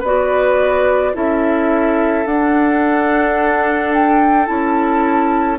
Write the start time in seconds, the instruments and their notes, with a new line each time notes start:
0.00 bassoon B3, clarinet F#4, oboe B4, flute D5
1.14 bassoon C#4, clarinet E4, oboe A4, flute E5
2.26 bassoon D4, clarinet D4, flute F#5
3.94 flute G5
4.47 bassoon C#4, clarinet E4, flute A5